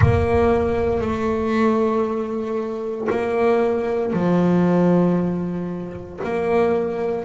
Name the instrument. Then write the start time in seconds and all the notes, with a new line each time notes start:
double bass
0.00 A#3
1.01 A3
3.09 A#3
4.13 F3
6.24 A#3